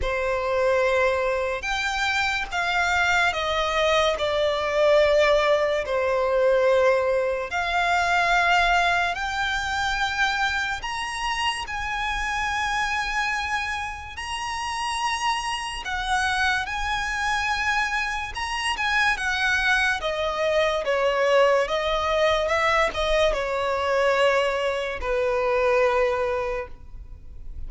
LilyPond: \new Staff \with { instrumentName = "violin" } { \time 4/4 \tempo 4 = 72 c''2 g''4 f''4 | dis''4 d''2 c''4~ | c''4 f''2 g''4~ | g''4 ais''4 gis''2~ |
gis''4 ais''2 fis''4 | gis''2 ais''8 gis''8 fis''4 | dis''4 cis''4 dis''4 e''8 dis''8 | cis''2 b'2 | }